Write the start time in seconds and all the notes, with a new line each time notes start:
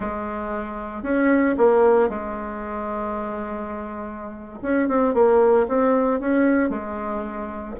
0.00 G#3
1.03 C#4
1.57 A#3
2.09 G#3
4.62 C#4
4.88 C4
5.14 A#3
5.67 C4
6.19 C#4
6.69 G#3